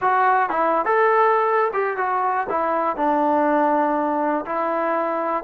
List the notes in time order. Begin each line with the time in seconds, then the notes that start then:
0.01 F#4
0.49 E4
0.85 A4
1.73 G4
1.97 F#4
2.49 E4
2.96 D4
4.45 E4